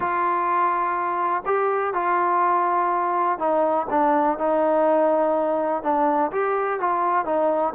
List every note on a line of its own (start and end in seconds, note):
0.00 1.43 F4
1.45 1.93 G4
1.93 3.38 F4
3.38 3.87 D#4
3.90 4.38 D4
4.38 5.82 D#4
5.82 6.31 D4
6.31 6.80 G4
6.80 7.25 F4
7.25 7.73 D#4